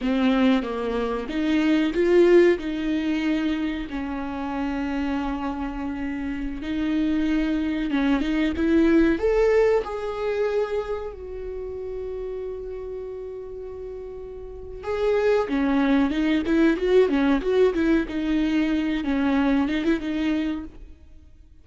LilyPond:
\new Staff \with { instrumentName = "viola" } { \time 4/4 \tempo 4 = 93 c'4 ais4 dis'4 f'4 | dis'2 cis'2~ | cis'2~ cis'16 dis'4.~ dis'16~ | dis'16 cis'8 dis'8 e'4 a'4 gis'8.~ |
gis'4~ gis'16 fis'2~ fis'8.~ | fis'2. gis'4 | cis'4 dis'8 e'8 fis'8 cis'8 fis'8 e'8 | dis'4. cis'4 dis'16 e'16 dis'4 | }